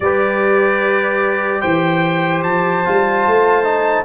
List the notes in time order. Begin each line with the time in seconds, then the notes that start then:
0.00 G3 G4 B4 D5
1.60 E3 C5 G5
2.43 F3 A5
2.84 G3 F4
3.26 A3
3.64 D#4